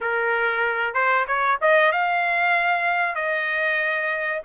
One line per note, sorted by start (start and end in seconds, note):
0.00 0.94 A#4
0.94 1.25 C5
1.27 1.58 C#5
1.61 1.91 D#5
1.91 3.15 F5
3.15 4.41 D#5